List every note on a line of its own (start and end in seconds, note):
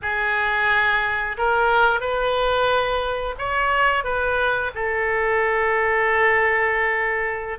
0.02 1.37 G#4
1.37 2.00 A#4
2.00 3.35 B4
3.38 4.04 C#5
4.04 4.71 B4
4.75 7.58 A4